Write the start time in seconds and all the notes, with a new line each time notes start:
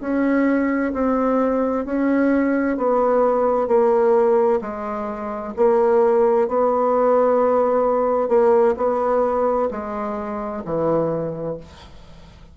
0.00 C#4
0.93 C4
1.85 C#4
2.77 B3
3.67 A#3
4.61 G#3
5.56 A#3
6.47 B3
8.28 A#3
8.77 B3
9.70 G#3
10.64 E3